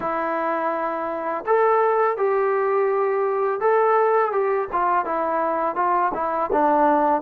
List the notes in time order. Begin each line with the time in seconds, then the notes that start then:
0.00 E4
1.46 A4
2.17 G4
3.60 A4
4.32 G4
4.72 F4
5.05 E4
5.75 F4
6.14 E4
6.52 D4